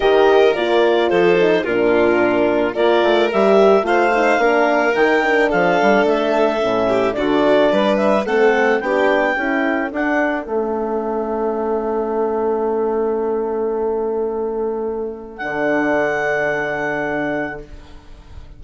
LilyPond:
<<
  \new Staff \with { instrumentName = "clarinet" } { \time 4/4 \tempo 4 = 109 dis''4 d''4 c''4 ais'4~ | ais'4 d''4 e''4 f''4~ | f''4 g''4 f''4 e''4~ | e''4 d''4. e''8 fis''4 |
g''2 fis''4 e''4~ | e''1~ | e''1 | fis''1 | }
  \new Staff \with { instrumentName = "violin" } { \time 4/4 ais'2 a'4 f'4~ | f'4 ais'2 c''4 | ais'2 a'2~ | a'8 g'8 fis'4 b'4 a'4 |
g'4 a'2.~ | a'1~ | a'1~ | a'1 | }
  \new Staff \with { instrumentName = "horn" } { \time 4/4 g'4 f'4. dis'8 d'4~ | d'4 f'4 g'4 f'8 dis'8 | d'4 dis'8 d'2~ d'8 | cis'4 d'2 c'4 |
d'4 e'4 d'4 cis'4~ | cis'1~ | cis'1 | d'1 | }
  \new Staff \with { instrumentName = "bassoon" } { \time 4/4 dis4 ais4 f4 ais,4~ | ais,4 ais8 a8 g4 a4 | ais4 dis4 f8 g8 a4 | a,4 d4 g4 a4 |
b4 cis'4 d'4 a4~ | a1~ | a1 | d1 | }
>>